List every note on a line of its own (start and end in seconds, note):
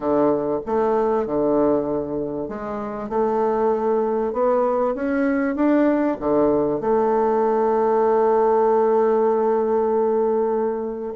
0.00 0.59 D3
0.66 1.26 A3
1.26 2.48 D3
2.48 3.09 G#3
3.09 4.32 A3
4.32 4.94 B3
4.94 5.55 C#4
5.55 6.17 D4
6.20 6.80 D3
6.80 11.13 A3